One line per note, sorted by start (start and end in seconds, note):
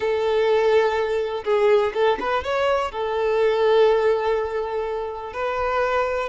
0.00 1.44 A4
1.44 1.92 G#4
1.94 2.18 A4
2.20 2.43 B4
2.43 2.91 C#5
2.91 5.33 A4
5.33 6.29 B4